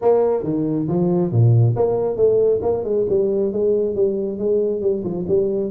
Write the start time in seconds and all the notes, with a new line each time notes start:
0.01 A#3
0.43 D#3
0.88 F3
1.31 A#2
1.76 A#3
2.16 A3
2.62 A#3
2.84 G#3
3.09 G3
3.52 G#3
3.95 G3
4.38 G#3
4.81 G3
5.03 F3
5.28 G3